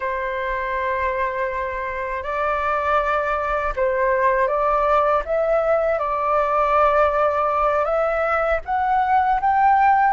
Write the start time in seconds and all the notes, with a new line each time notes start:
0.00 C5
2.23 D5
3.76 C5
4.47 D5
5.25 E5
5.98 D5
7.84 E5
8.65 F#5
9.40 G5